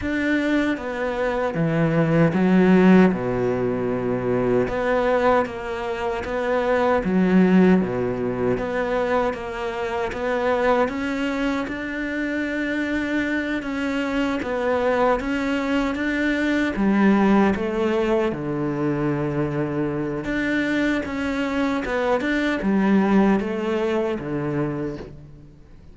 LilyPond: \new Staff \with { instrumentName = "cello" } { \time 4/4 \tempo 4 = 77 d'4 b4 e4 fis4 | b,2 b4 ais4 | b4 fis4 b,4 b4 | ais4 b4 cis'4 d'4~ |
d'4. cis'4 b4 cis'8~ | cis'8 d'4 g4 a4 d8~ | d2 d'4 cis'4 | b8 d'8 g4 a4 d4 | }